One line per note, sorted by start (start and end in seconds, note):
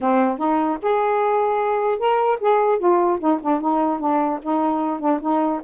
0.00 0.37 C4
0.37 0.77 D#4
0.81 1.98 G#4
1.98 2.38 A#4
2.40 2.78 G#4
2.78 3.18 F4
3.20 3.40 D#4
3.41 3.61 D4
3.61 3.99 D#4
3.99 4.39 D4
4.42 4.99 D#4
4.99 5.19 D4
5.21 5.61 D#4